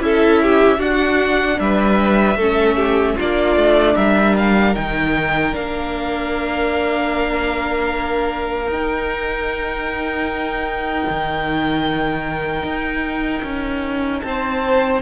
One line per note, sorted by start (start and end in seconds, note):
0.00 0.79 C#4
0.00 0.79 E4
0.00 0.43 A4
0.00 0.82 E5
0.43 0.78 G4
0.78 1.58 D4
0.78 2.37 D4
0.78 1.57 F#4
0.78 1.59 F#5
1.59 2.36 G3
1.59 2.37 B4
1.59 3.17 E5
2.36 3.15 A3
2.36 3.20 C#4
2.36 2.76 A4
2.76 3.15 G4
3.15 3.56 A#3
3.15 4.75 D4
3.15 3.94 F4
3.15 3.96 D5
3.56 3.96 A3
3.96 4.75 G3
3.96 14.23 A#4
3.96 4.35 E5
4.37 4.75 F5
4.75 5.54 D#3
4.75 5.52 D#4
4.75 5.54 G5
5.52 8.67 A#3
5.52 8.68 D4
5.52 8.71 F5
8.67 11.04 D#4
8.67 15.02 D#4
8.67 14.20 G5
11.10 12.63 D#3
12.63 13.42 D#4
13.43 14.22 C#4
14.20 15.02 C4
14.20 14.99 A5
14.27 15.02 C5